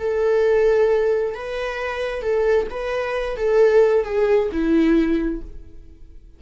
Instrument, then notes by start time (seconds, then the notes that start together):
viola
0.00 A4
1.35 B4
2.22 A4
2.70 B4
3.37 A4
4.04 G#4
4.52 E4